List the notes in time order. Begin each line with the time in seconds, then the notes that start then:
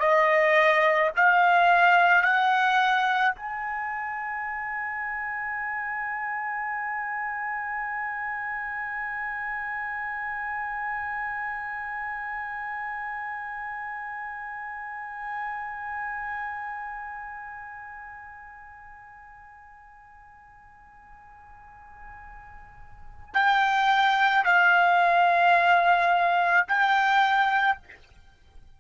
0.00 D#5
1.17 F5
2.24 F#5
3.35 G#5
23.34 G5
24.44 F5
26.68 G5